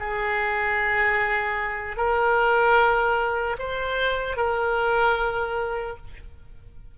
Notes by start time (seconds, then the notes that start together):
0.00 G#4
1.97 A#4
3.59 C5
4.37 A#4